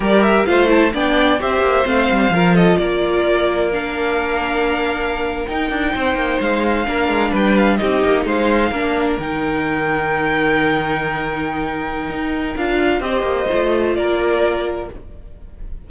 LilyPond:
<<
  \new Staff \with { instrumentName = "violin" } { \time 4/4 \tempo 4 = 129 d''8 e''8 f''8 a''8 g''4 e''4 | f''4. dis''8 d''2 | f''2.~ f''8. g''16~ | g''4.~ g''16 f''2 g''16~ |
g''16 f''8 dis''4 f''2 g''16~ | g''1~ | g''2. f''4 | dis''2 d''2 | }
  \new Staff \with { instrumentName = "violin" } { \time 4/4 ais'4 c''4 d''4 c''4~ | c''4 ais'8 a'8 ais'2~ | ais'1~ | ais'8. c''2 ais'4 b'16~ |
b'8. g'4 c''4 ais'4~ ais'16~ | ais'1~ | ais'1 | c''2 ais'2 | }
  \new Staff \with { instrumentName = "viola" } { \time 4/4 g'4 f'8 e'8 d'4 g'4 | c'4 f'2. | d'2.~ d'8. dis'16~ | dis'2~ dis'8. d'4~ d'16~ |
d'8. dis'2 d'4 dis'16~ | dis'1~ | dis'2. f'4 | g'4 f'2. | }
  \new Staff \with { instrumentName = "cello" } { \time 4/4 g4 a4 b4 c'8 ais8 | a8 g8 f4 ais2~ | ais2.~ ais8. dis'16~ | dis'16 d'8 c'8 ais8 gis4 ais8 gis8 g16~ |
g8. c'8 ais8 gis4 ais4 dis16~ | dis1~ | dis2 dis'4 d'4 | c'8 ais8 a4 ais2 | }
>>